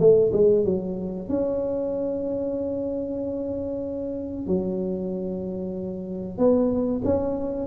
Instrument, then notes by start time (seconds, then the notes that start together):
tuba
0.00 A3
0.33 G#3
0.66 F#3
1.29 C#4
4.47 F#3
6.38 B3
7.05 C#4